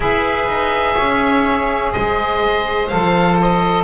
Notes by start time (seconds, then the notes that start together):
0.00 E4 G#4 B4 E5
0.47 D#4
0.94 C#4 C#5
1.92 G#3 C5 D#5
2.87 F3 A4 F5
3.41 D#5